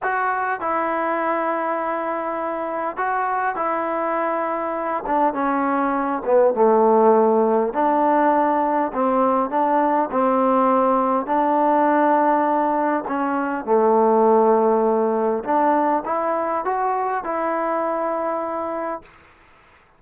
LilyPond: \new Staff \with { instrumentName = "trombone" } { \time 4/4 \tempo 4 = 101 fis'4 e'2.~ | e'4 fis'4 e'2~ | e'8 d'8 cis'4. b8 a4~ | a4 d'2 c'4 |
d'4 c'2 d'4~ | d'2 cis'4 a4~ | a2 d'4 e'4 | fis'4 e'2. | }